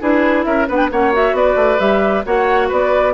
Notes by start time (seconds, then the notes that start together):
0.00 D4 E4 G#4 B4
0.44 C#4 A#4 E5
0.67 B3 D4 B4 F#5
0.76 G5
0.91 A#3 C#4 C#5 F#5
1.12 F#4 E5
1.32 B3 B4 D5
1.55 A3
1.79 G3 G4 E5
2.25 A#3 F#4 C#5 F#5
2.68 B3 B4 D5